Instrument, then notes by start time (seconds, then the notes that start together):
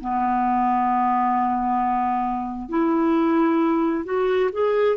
clarinet
0.00 B3
2.69 E4
4.04 F#4
4.52 G#4